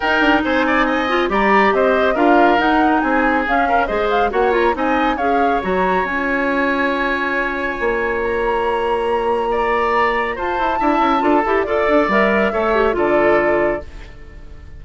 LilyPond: <<
  \new Staff \with { instrumentName = "flute" } { \time 4/4 \tempo 4 = 139 g''4 gis''2 ais''4 | dis''4 f''4 fis''4 gis''4 | f''4 dis''8 f''8 fis''8 ais''8 gis''4 | f''4 ais''4 gis''2~ |
gis''2. ais''4~ | ais''1 | a''2. d''4 | e''2 d''2 | }
  \new Staff \with { instrumentName = "oboe" } { \time 4/4 ais'4 c''8 d''8 dis''4 d''4 | c''4 ais'2 gis'4~ | gis'8 ais'8 c''4 cis''4 dis''4 | cis''1~ |
cis''1~ | cis''2 d''2 | c''4 e''4 a'4 d''4~ | d''4 cis''4 a'2 | }
  \new Staff \with { instrumentName = "clarinet" } { \time 4/4 dis'2~ dis'8 f'8 g'4~ | g'4 f'4 dis'2 | cis'4 gis'4 fis'8 f'8 dis'4 | gis'4 fis'4 f'2~ |
f'1~ | f'1~ | f'4 e'4 f'8 g'8 a'4 | ais'4 a'8 g'8 f'2 | }
  \new Staff \with { instrumentName = "bassoon" } { \time 4/4 dis'8 d'8 c'2 g4 | c'4 d'4 dis'4 c'4 | cis'4 gis4 ais4 c'4 | cis'4 fis4 cis'2~ |
cis'2 ais2~ | ais1 | f'8 e'8 d'8 cis'8 d'8 e'8 f'8 d'8 | g4 a4 d2 | }
>>